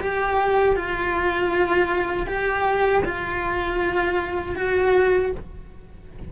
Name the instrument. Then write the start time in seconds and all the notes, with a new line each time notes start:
cello
0.00 G4
0.76 F4
2.27 G4
3.05 F4
4.55 F#4